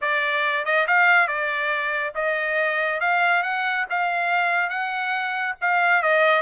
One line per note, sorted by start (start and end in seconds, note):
0.01 0.65 D5
0.65 0.86 D#5
0.87 1.27 F5
1.27 2.13 D5
2.14 3.00 D#5
3.00 3.42 F5
3.42 3.85 F#5
3.90 4.69 F5
4.69 5.55 F#5
5.61 6.02 F5
6.02 6.41 D#5